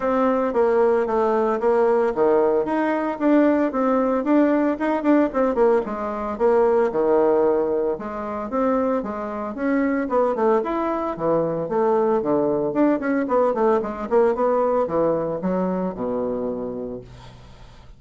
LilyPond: \new Staff \with { instrumentName = "bassoon" } { \time 4/4 \tempo 4 = 113 c'4 ais4 a4 ais4 | dis4 dis'4 d'4 c'4 | d'4 dis'8 d'8 c'8 ais8 gis4 | ais4 dis2 gis4 |
c'4 gis4 cis'4 b8 a8 | e'4 e4 a4 d4 | d'8 cis'8 b8 a8 gis8 ais8 b4 | e4 fis4 b,2 | }